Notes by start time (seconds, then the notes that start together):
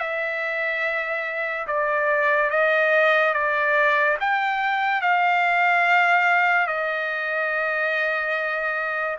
0.00 E5
1.67 D5
2.50 D#5
3.34 D5
4.20 G5
5.02 F5
6.67 D#5